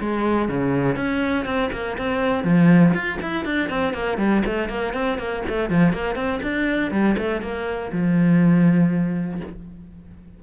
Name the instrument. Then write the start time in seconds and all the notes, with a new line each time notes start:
cello
0.00 G#3
0.48 C#3
0.96 C#4
1.45 C4
1.72 A#3
1.97 C4
2.44 F3
2.93 F4
3.21 E4
3.45 D4
3.69 C4
3.93 A#3
4.18 G3
4.45 A3
4.69 A#3
4.93 C4
5.18 A#3
5.48 A3
5.70 F3
5.93 A#3
6.15 C4
6.42 D4
6.91 G3
7.17 A3
7.42 A#3
7.92 F3